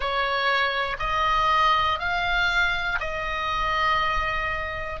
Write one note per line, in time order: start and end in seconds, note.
0.00 0.96 C#5
0.99 1.99 D#5
1.99 2.99 F5
3.00 5.00 D#5